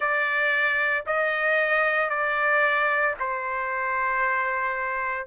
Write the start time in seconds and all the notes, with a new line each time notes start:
0.00 D5
1.06 D#5
2.09 D5
3.19 C5